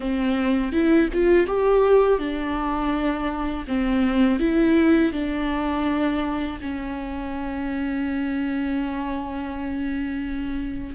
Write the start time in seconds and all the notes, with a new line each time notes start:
0.00 C4
0.72 E4
1.13 F4
1.46 G4
2.19 D4
3.67 C4
4.39 E4
5.12 D4
6.61 C#4